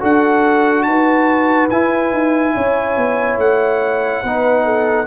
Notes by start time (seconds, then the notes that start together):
0.00 D4 F#4 A4 F#5
0.83 D#4 B4 A5
1.70 E4 G#5
2.12 D#4
2.55 C#4 C#5
2.98 B3
3.38 A3 F#5
4.23 B3 D#4 B4
4.65 A4